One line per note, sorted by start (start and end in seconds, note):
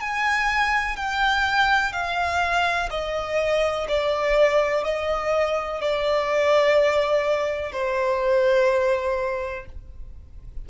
0.00 0.96 G#5
0.96 1.92 G5
1.92 2.89 F5
2.90 3.87 D#5
3.88 4.84 D5
4.84 5.81 D#5
5.81 7.72 D5
7.72 9.65 C5